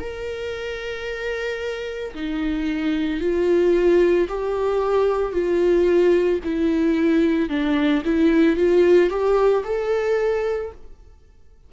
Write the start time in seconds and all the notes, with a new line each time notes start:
0.00 A#4
2.15 D#4
3.21 F4
4.29 G4
5.33 F4
6.44 E4
7.50 D4
8.05 E4
8.57 F4
9.10 G4
9.64 A4